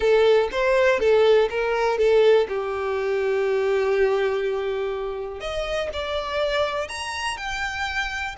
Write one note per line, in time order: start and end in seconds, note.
0.00 0.48 A4
0.51 0.99 C5
0.99 1.48 A4
1.50 1.98 A#4
1.98 2.47 A4
2.48 5.40 G4
5.40 5.89 D#5
5.93 6.88 D5
6.88 7.37 A#5
7.37 8.35 G5